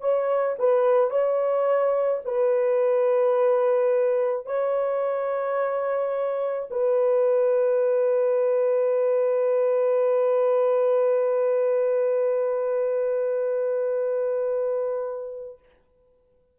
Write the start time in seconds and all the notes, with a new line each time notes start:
0.00 C#5
0.58 B4
1.10 C#5
2.24 B4
4.46 C#5
6.70 B4